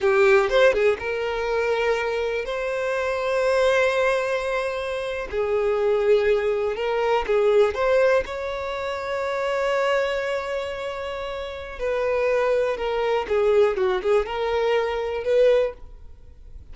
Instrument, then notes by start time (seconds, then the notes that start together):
violin
0.00 G4
0.49 C5
0.72 G#4
0.99 A#4
2.45 C5
5.30 G#4
6.76 A#4
7.27 G#4
7.74 C5
8.25 C#5
11.79 B4
12.77 A#4
13.28 G#4
13.76 F#4
14.02 G#4
14.26 A#4
15.23 B4